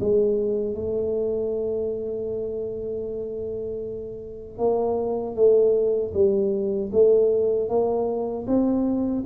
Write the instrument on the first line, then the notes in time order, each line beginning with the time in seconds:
tuba
0.00 G#3
0.74 A3
4.58 A#3
5.35 A3
6.14 G3
6.92 A3
7.69 A#3
8.47 C4